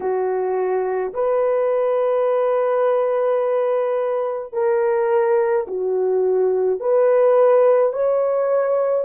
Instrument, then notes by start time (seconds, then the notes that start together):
horn
0.00 F#4
1.13 B4
4.53 A#4
5.67 F#4
6.80 B4
7.92 C#5